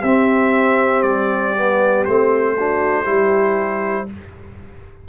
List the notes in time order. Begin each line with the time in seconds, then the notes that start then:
0.00 C4 G4 E5
0.06 C4
1.03 G3 D5
1.56 B3
2.05 A3 C4 C5
2.58 D4 F#4
3.03 G3 E4 G4